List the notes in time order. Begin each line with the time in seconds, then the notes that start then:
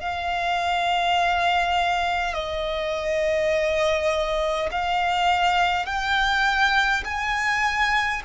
0.00 F5
2.34 D#5
4.71 F5
5.86 G5
7.05 G#5